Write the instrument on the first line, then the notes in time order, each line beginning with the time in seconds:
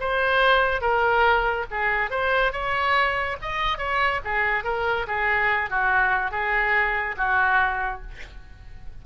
oboe
0.00 C5
0.81 A#4
1.71 G#4
2.10 C5
2.52 C#5
3.42 D#5
3.78 C#5
4.24 G#4
4.64 A#4
5.07 G#4
5.70 F#4
6.31 G#4
7.17 F#4